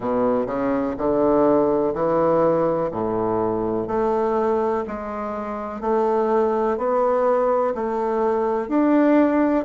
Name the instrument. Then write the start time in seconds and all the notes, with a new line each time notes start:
bassoon
0.00 B2
0.46 C#3
0.97 D3
1.93 E3
2.91 A2
3.87 A3
4.87 G#3
5.80 A3
6.77 B3
7.74 A3
8.68 D4